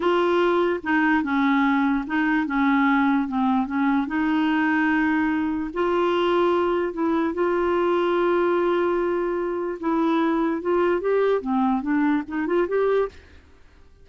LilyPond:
\new Staff \with { instrumentName = "clarinet" } { \time 4/4 \tempo 4 = 147 f'2 dis'4 cis'4~ | cis'4 dis'4 cis'2 | c'4 cis'4 dis'2~ | dis'2 f'2~ |
f'4 e'4 f'2~ | f'1 | e'2 f'4 g'4 | c'4 d'4 dis'8 f'8 g'4 | }